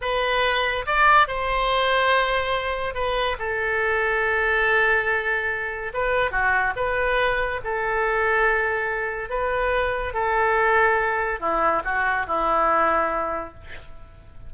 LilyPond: \new Staff \with { instrumentName = "oboe" } { \time 4/4 \tempo 4 = 142 b'2 d''4 c''4~ | c''2. b'4 | a'1~ | a'2 b'4 fis'4 |
b'2 a'2~ | a'2 b'2 | a'2. e'4 | fis'4 e'2. | }